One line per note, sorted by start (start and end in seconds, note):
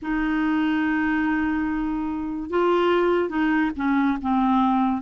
0.02 2.50 D#4
2.50 3.29 F4
3.29 3.70 D#4
3.76 4.17 C#4
4.21 5.02 C4